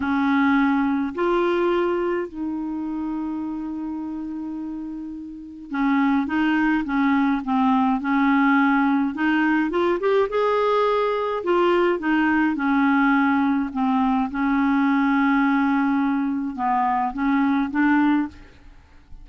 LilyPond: \new Staff \with { instrumentName = "clarinet" } { \time 4/4 \tempo 4 = 105 cis'2 f'2 | dis'1~ | dis'2 cis'4 dis'4 | cis'4 c'4 cis'2 |
dis'4 f'8 g'8 gis'2 | f'4 dis'4 cis'2 | c'4 cis'2.~ | cis'4 b4 cis'4 d'4 | }